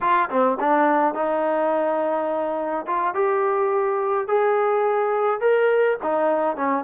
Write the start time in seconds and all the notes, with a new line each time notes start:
0.00 F4
0.29 C4
0.59 D4
1.14 D#4
2.86 F4
3.14 G4
4.27 G#4
5.40 A#4
6.02 D#4
6.56 C#4